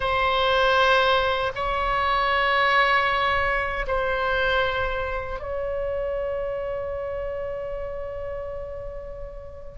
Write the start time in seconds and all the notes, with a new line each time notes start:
0.00 C5
1.55 C#5
3.87 C5
5.39 C#5